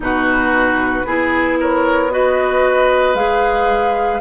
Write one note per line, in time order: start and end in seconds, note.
0.00 1.02 B2
0.00 1.05 D#4
0.00 1.06 F#4
0.00 1.59 B4
1.05 3.14 B3
1.05 2.10 E4
1.05 1.59 G#4
1.60 2.12 A#4
1.60 2.11 C#5
2.10 3.14 F#4
2.10 4.20 B4
2.10 3.15 D#5
3.14 4.19 G#3
3.14 4.20 G#4
3.14 4.20 F5